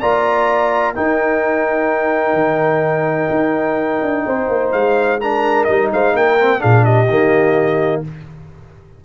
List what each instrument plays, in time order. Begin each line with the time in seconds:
0.00 tuba A#3, trombone F4, horn D5, trumpet A#5
0.95 trombone D#4, tuba D#4, horn A#4, trumpet G5
2.33 tuba D#3
3.30 tuba D#4
4.02 tuba D4
4.26 tuba C4, horn C5
4.48 tuba A#3
4.71 tuba G#3, trumpet F5
5.20 trombone D4, horn A#4, trumpet A#5
5.64 tuba G3, trombone D#4, trumpet D#5
5.93 tuba G#3, horn C5, trumpet F5
6.13 tuba A#3, horn A#4, trumpet G5
6.39 trombone C4
6.59 tuba A#2, trombone D4, horn G#4, trumpet F5
6.83 horn G4, trumpet D#5
7.09 tuba D#3, trombone A#3